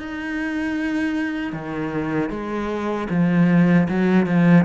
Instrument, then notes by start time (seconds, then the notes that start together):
cello
0.00 D#4
1.53 D#3
2.30 G#3
3.10 F3
3.89 F#3
4.27 F3